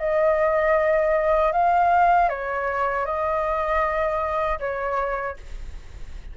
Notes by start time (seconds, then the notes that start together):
0.00 D#5
1.53 F5
2.29 C#5
3.06 D#5
4.60 C#5